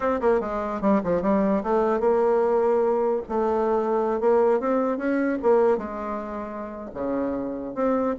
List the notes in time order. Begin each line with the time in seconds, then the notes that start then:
0.00 C4
0.20 A#3
0.40 G#3
0.81 G3
1.03 F3
1.22 G3
1.63 A3
2.00 A#3
3.28 A3
4.20 A#3
4.60 C4
4.97 C#4
5.42 A#3
5.77 G#3
6.94 C#3
7.74 C4